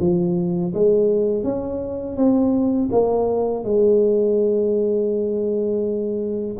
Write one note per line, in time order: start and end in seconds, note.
0.00 0.73 F3
0.74 1.44 G#3
1.44 2.17 C#4
2.17 2.90 C4
2.92 3.64 A#3
3.64 6.57 G#3